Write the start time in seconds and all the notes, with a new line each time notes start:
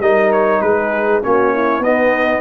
0.00 G3 D#4 A#4 D#5
0.32 C#5
0.61 G#3 G#4 B4
1.23 A#3 C#4 F#4 C#5
1.54 E4
1.79 B3 D#4 D#5
1.85 B3